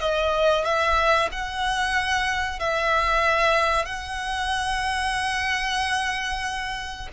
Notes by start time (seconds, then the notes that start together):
0.00 D#5
0.64 E5
1.32 F#5
2.59 E5
3.85 F#5